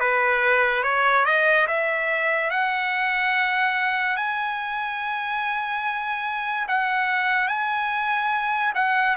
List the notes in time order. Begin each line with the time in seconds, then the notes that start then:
0.00 B4
0.83 C#5
1.25 D#5
1.67 E5
2.50 F#5
4.17 G#5
6.68 F#5
7.48 G#5
8.75 F#5